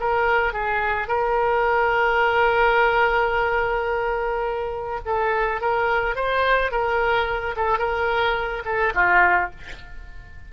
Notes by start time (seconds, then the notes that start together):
0.00 A#4
0.53 G#4
1.08 A#4
5.05 A4
5.61 A#4
6.15 C5
6.71 A#4
7.56 A4
7.79 A#4
8.65 A4
8.94 F4